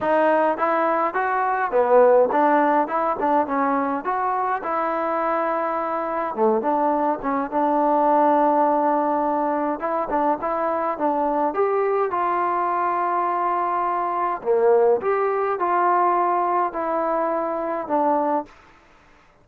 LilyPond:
\new Staff \with { instrumentName = "trombone" } { \time 4/4 \tempo 4 = 104 dis'4 e'4 fis'4 b4 | d'4 e'8 d'8 cis'4 fis'4 | e'2. a8 d'8~ | d'8 cis'8 d'2.~ |
d'4 e'8 d'8 e'4 d'4 | g'4 f'2.~ | f'4 ais4 g'4 f'4~ | f'4 e'2 d'4 | }